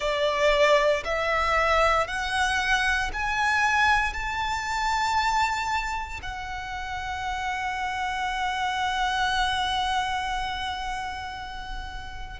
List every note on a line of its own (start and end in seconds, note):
0.00 1.03 D5
1.04 2.07 E5
2.07 3.10 F#5
3.13 4.13 G#5
4.13 6.20 A5
6.22 12.39 F#5